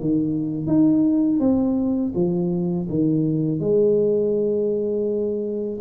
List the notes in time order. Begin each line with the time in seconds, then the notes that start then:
0.00 D#3
0.66 D#4
1.39 C4
2.15 F3
2.89 D#3
3.60 G#3